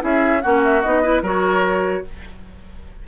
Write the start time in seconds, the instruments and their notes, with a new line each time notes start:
0.00 bassoon C#4, clarinet E4, oboe G#4, flute E5
0.41 bassoon A#3, clarinet C#4, oboe F#4, flute F#5
0.63 flute E5
0.81 bassoon B3, clarinet D#4, flute D#5
1.02 clarinet E4, oboe B4
1.22 bassoon F#3, clarinet F#4, oboe A#4, flute C#5